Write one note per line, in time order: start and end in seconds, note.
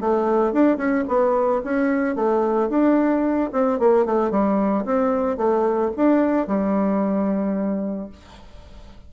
0.00 0.52 A3
0.52 0.77 D4
0.77 1.04 C#4
1.08 1.62 B3
1.64 2.15 C#4
2.15 2.69 A3
2.69 3.50 D4
3.52 3.79 C4
3.79 4.05 A#3
4.05 4.30 A3
4.30 4.85 G3
4.85 5.37 C4
5.37 5.91 A3
5.96 6.47 D4
6.47 8.09 G3